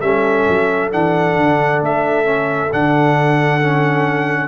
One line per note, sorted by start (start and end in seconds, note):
0.00 0.45 G3
0.00 0.91 C#4
0.00 4.48 A4
0.00 0.90 E5
0.48 0.93 F#3
0.91 1.36 E3
0.91 2.23 D4
0.91 1.82 F#5
1.36 1.81 D3
1.81 2.71 A3
1.81 2.72 E5
2.23 2.68 C#4
2.71 4.48 D3
2.71 3.61 D4
2.71 4.48 F#5
3.61 4.48 C#4